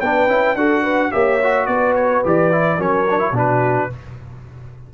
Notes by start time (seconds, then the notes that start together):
0.00 B3 D4 B4 G5
0.27 C#4 E4
0.55 D4 F#4 A4 F#5
0.82 B4
1.11 A#3 G4 C#5 E5
1.43 F#4
1.66 B3 B4 D5
1.95 C#5
2.24 E3 G4 D5
2.51 E4
2.77 F#3 C#4 A#4 C#5
3.10 D4
3.19 E4
3.31 B2 D4 F#4
3.38 B4